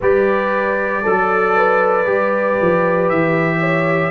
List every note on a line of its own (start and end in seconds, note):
0.00 1.04 G3
0.00 1.05 G4
0.00 1.02 B4
0.00 3.09 D5
1.02 2.05 F#3
1.02 1.54 A4
1.02 2.05 A4
1.56 3.59 B4
2.05 2.57 G3
2.05 4.11 G4
2.61 3.10 F3
3.09 4.11 E3
3.09 4.11 E5
3.59 4.11 C#5